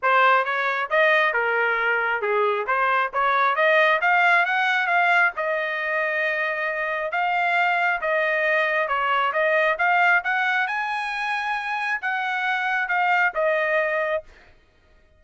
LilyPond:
\new Staff \with { instrumentName = "trumpet" } { \time 4/4 \tempo 4 = 135 c''4 cis''4 dis''4 ais'4~ | ais'4 gis'4 c''4 cis''4 | dis''4 f''4 fis''4 f''4 | dis''1 |
f''2 dis''2 | cis''4 dis''4 f''4 fis''4 | gis''2. fis''4~ | fis''4 f''4 dis''2 | }